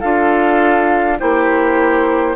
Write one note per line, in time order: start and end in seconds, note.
0.00 1.21 D4
0.00 1.19 F4
0.00 1.18 A4
0.00 1.18 F5
1.19 2.36 A#3
1.19 2.36 E4
1.19 2.36 G4
1.19 2.36 C5